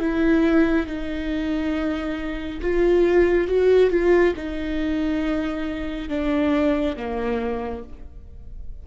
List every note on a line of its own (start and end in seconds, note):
0.00 0.87 E4
0.87 2.61 D#4
2.62 3.48 F4
3.48 3.91 F#4
3.91 4.34 F4
4.36 6.09 D#4
6.09 6.96 D4
6.96 7.83 A#3